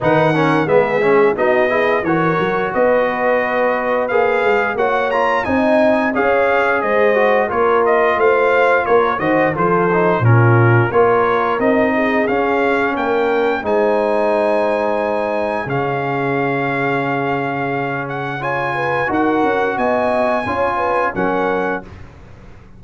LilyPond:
<<
  \new Staff \with { instrumentName = "trumpet" } { \time 4/4 \tempo 4 = 88 fis''4 e''4 dis''4 cis''4 | dis''2 f''4 fis''8 ais''8 | gis''4 f''4 dis''4 cis''8 dis''8 | f''4 cis''8 dis''8 c''4 ais'4 |
cis''4 dis''4 f''4 g''4 | gis''2. f''4~ | f''2~ f''8 fis''8 gis''4 | fis''4 gis''2 fis''4 | }
  \new Staff \with { instrumentName = "horn" } { \time 4/4 b'8 ais'8 gis'4 fis'8 gis'8 ais'4 | b'2. cis''4 | dis''4 cis''4 c''4 ais'4 | c''4 ais'8 c''8 a'4 f'4 |
ais'4. gis'4. ais'4 | c''2. gis'4~ | gis'2. cis''8 b'8 | ais'4 dis''4 cis''8 b'8 ais'4 | }
  \new Staff \with { instrumentName = "trombone" } { \time 4/4 dis'8 cis'8 b8 cis'8 dis'8 e'8 fis'4~ | fis'2 gis'4 fis'8 f'8 | dis'4 gis'4. fis'8 f'4~ | f'4. fis'8 f'8 dis'8 cis'4 |
f'4 dis'4 cis'2 | dis'2. cis'4~ | cis'2. f'4 | fis'2 f'4 cis'4 | }
  \new Staff \with { instrumentName = "tuba" } { \time 4/4 dis4 gis4 b4 e8 fis8 | b2 ais8 gis8 ais4 | c'4 cis'4 gis4 ais4 | a4 ais8 dis8 f4 ais,4 |
ais4 c'4 cis'4 ais4 | gis2. cis4~ | cis1 | dis'8 cis'8 b4 cis'4 fis4 | }
>>